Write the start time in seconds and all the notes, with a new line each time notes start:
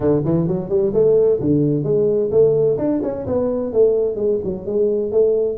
0.00 D3
0.25 E3
0.47 F#3
0.69 G3
0.93 A3
1.40 D3
1.83 G#3
2.31 A3
2.78 D4
3.02 C#4
3.26 B3
3.72 A3
4.15 G#3
4.44 F#3
4.66 G#3
5.11 A3